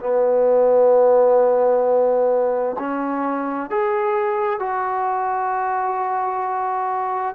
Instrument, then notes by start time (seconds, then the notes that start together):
trombone
0.00 B3
2.79 C#4
3.70 G#4
4.59 F#4